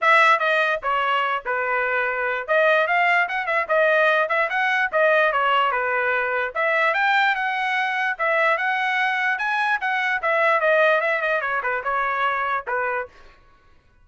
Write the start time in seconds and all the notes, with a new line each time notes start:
0.01 E5
0.39 D#5
0.83 C#5
1.45 B4
2.47 D#5
2.87 F5
3.28 F#5
3.46 E5
3.68 D#5
4.28 E5
4.49 F#5
4.92 D#5
5.32 C#5
5.71 B4
6.54 E5
6.94 G5
7.35 F#5
8.18 E5
8.57 F#5
9.38 G#5
9.80 F#5
10.22 E5
10.60 D#5
11.01 E5
11.21 D#5
11.41 C#5
11.62 B4
11.83 C#5
12.67 B4